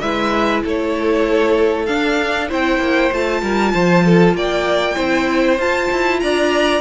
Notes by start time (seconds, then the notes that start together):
0.00 G#3 E4 B4 E5
0.65 A3 A4 C#5
1.86 D4 F5
2.49 C4 E4 C5 G5
2.79 A#3
3.12 A3 F4 A5
3.42 G3 A#4
3.74 F3 C5
4.05 A4
4.34 A#3 D5 G5
4.95 C4 E4 C5
5.59 F4 A5
5.92 E4
6.20 D4 D5 A#5